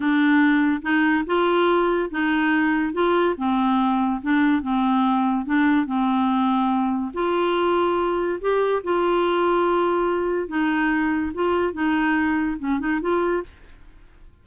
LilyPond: \new Staff \with { instrumentName = "clarinet" } { \time 4/4 \tempo 4 = 143 d'2 dis'4 f'4~ | f'4 dis'2 f'4 | c'2 d'4 c'4~ | c'4 d'4 c'2~ |
c'4 f'2. | g'4 f'2.~ | f'4 dis'2 f'4 | dis'2 cis'8 dis'8 f'4 | }